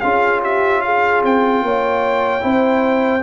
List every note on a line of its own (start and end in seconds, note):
0.00 1.24 C#4
0.00 2.40 F4
0.00 0.42 G#4
0.00 0.40 F5
0.42 0.82 G4
0.42 0.82 E5
0.82 1.64 G#4
0.82 1.22 F5
1.24 1.62 C4
1.24 3.23 G5
1.62 2.42 A#3
1.62 2.44 C#5
2.40 3.23 C4
2.40 3.20 E4
2.40 3.23 C5